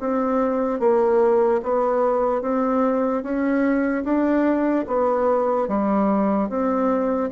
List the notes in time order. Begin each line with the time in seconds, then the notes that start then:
0.00 C4
0.80 A#3
1.63 B3
2.42 C4
3.23 C#4
4.04 D4
4.87 B3
5.68 G3
6.49 C4